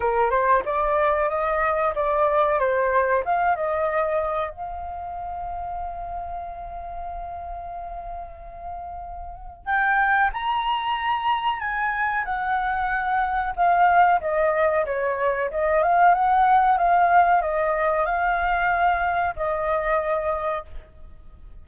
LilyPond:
\new Staff \with { instrumentName = "flute" } { \time 4/4 \tempo 4 = 93 ais'8 c''8 d''4 dis''4 d''4 | c''4 f''8 dis''4. f''4~ | f''1~ | f''2. g''4 |
ais''2 gis''4 fis''4~ | fis''4 f''4 dis''4 cis''4 | dis''8 f''8 fis''4 f''4 dis''4 | f''2 dis''2 | }